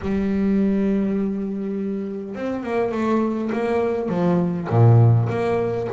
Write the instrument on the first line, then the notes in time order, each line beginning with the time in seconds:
double bass
0.01 G3
2.35 C4
2.63 A#3
2.91 A3
3.52 A#3
4.09 F3
4.69 A#2
5.29 A#3